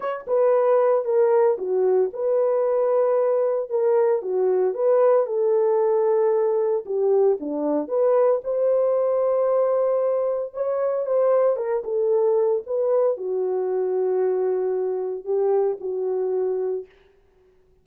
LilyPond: \new Staff \with { instrumentName = "horn" } { \time 4/4 \tempo 4 = 114 cis''8 b'4. ais'4 fis'4 | b'2. ais'4 | fis'4 b'4 a'2~ | a'4 g'4 d'4 b'4 |
c''1 | cis''4 c''4 ais'8 a'4. | b'4 fis'2.~ | fis'4 g'4 fis'2 | }